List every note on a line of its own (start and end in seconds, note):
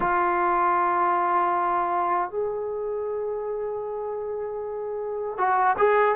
0.00 2.30 F4
2.30 5.38 G#4
5.38 5.76 F#4
5.77 6.15 G#4